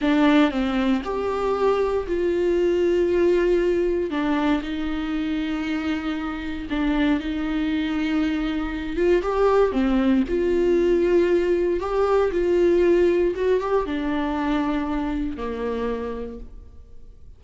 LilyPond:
\new Staff \with { instrumentName = "viola" } { \time 4/4 \tempo 4 = 117 d'4 c'4 g'2 | f'1 | d'4 dis'2.~ | dis'4 d'4 dis'2~ |
dis'4. f'8 g'4 c'4 | f'2. g'4 | f'2 fis'8 g'8 d'4~ | d'2 ais2 | }